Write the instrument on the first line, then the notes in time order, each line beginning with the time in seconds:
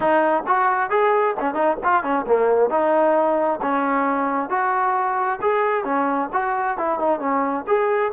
trombone
0.00 D#4
0.47 F#4
0.90 G#4
1.40 C#4
1.54 D#4
1.83 F4
2.03 C#4
2.27 A#3
2.69 D#4
3.61 C#4
4.49 F#4
5.41 G#4
5.84 C#4
6.33 F#4
6.77 E4
6.99 D#4
7.19 C#4
7.67 G#4